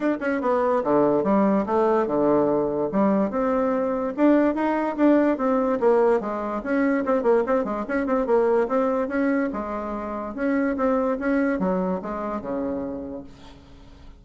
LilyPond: \new Staff \with { instrumentName = "bassoon" } { \time 4/4 \tempo 4 = 145 d'8 cis'8 b4 d4 g4 | a4 d2 g4 | c'2 d'4 dis'4 | d'4 c'4 ais4 gis4 |
cis'4 c'8 ais8 c'8 gis8 cis'8 c'8 | ais4 c'4 cis'4 gis4~ | gis4 cis'4 c'4 cis'4 | fis4 gis4 cis2 | }